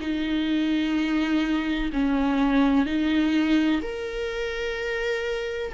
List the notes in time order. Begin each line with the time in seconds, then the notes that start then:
0.00 D#4
1.93 C#4
2.86 D#4
3.82 A#4